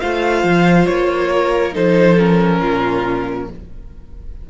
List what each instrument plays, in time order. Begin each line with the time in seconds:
0.00 cello A3, viola F4, violin C5 F5
0.44 cello F3
0.86 cello A#3, violin C#5
1.31 violin A#4
1.73 cello F3, viola D#4, violin A4 C5
2.18 viola C#4, violin A#4
2.60 cello A#2, violin F4